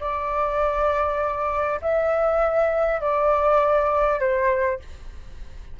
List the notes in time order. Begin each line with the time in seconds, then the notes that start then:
0.00 D5
1.82 E5
3.01 D5
4.19 C5